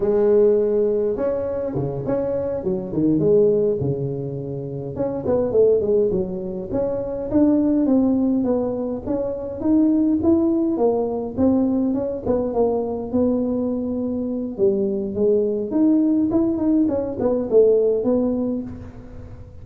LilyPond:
\new Staff \with { instrumentName = "tuba" } { \time 4/4 \tempo 4 = 103 gis2 cis'4 cis8 cis'8~ | cis'8 fis8 dis8 gis4 cis4.~ | cis8 cis'8 b8 a8 gis8 fis4 cis'8~ | cis'8 d'4 c'4 b4 cis'8~ |
cis'8 dis'4 e'4 ais4 c'8~ | c'8 cis'8 b8 ais4 b4.~ | b4 g4 gis4 dis'4 | e'8 dis'8 cis'8 b8 a4 b4 | }